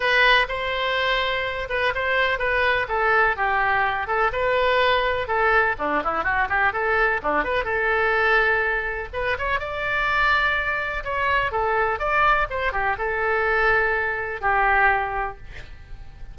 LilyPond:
\new Staff \with { instrumentName = "oboe" } { \time 4/4 \tempo 4 = 125 b'4 c''2~ c''8 b'8 | c''4 b'4 a'4 g'4~ | g'8 a'8 b'2 a'4 | d'8 e'8 fis'8 g'8 a'4 d'8 b'8 |
a'2. b'8 cis''8 | d''2. cis''4 | a'4 d''4 c''8 g'8 a'4~ | a'2 g'2 | }